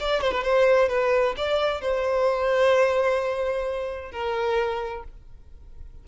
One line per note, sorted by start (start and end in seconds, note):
0.00 0.21 D5
0.21 0.32 C5
0.32 0.43 B4
0.43 0.89 C5
0.89 1.35 B4
1.37 1.81 D5
1.81 4.11 C5
4.11 5.04 A#4